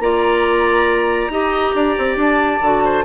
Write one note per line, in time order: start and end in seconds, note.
0.00 1.30 A#3
0.00 1.32 F4
0.00 1.32 D5
0.00 2.19 A#5
1.30 1.73 D#4
1.30 2.62 G4
1.30 1.76 D#5
1.75 1.97 D4
1.75 2.85 D5
1.99 2.17 C4
2.17 2.60 D4
2.17 3.05 A5
2.62 3.05 D3
2.62 3.05 F#4
2.85 3.05 C5